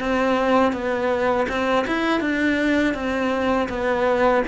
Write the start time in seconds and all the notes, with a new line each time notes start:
0.00 C4
0.73 B3
1.49 C4
1.87 E4
2.21 D4
2.95 C4
3.69 B3